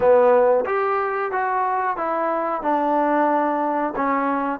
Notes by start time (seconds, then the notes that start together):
0.00 B3
0.65 G4
1.31 F#4
1.96 E4
2.62 D4
3.96 C#4